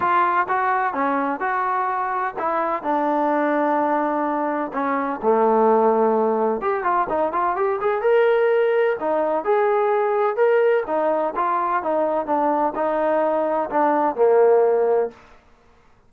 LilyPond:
\new Staff \with { instrumentName = "trombone" } { \time 4/4 \tempo 4 = 127 f'4 fis'4 cis'4 fis'4~ | fis'4 e'4 d'2~ | d'2 cis'4 a4~ | a2 g'8 f'8 dis'8 f'8 |
g'8 gis'8 ais'2 dis'4 | gis'2 ais'4 dis'4 | f'4 dis'4 d'4 dis'4~ | dis'4 d'4 ais2 | }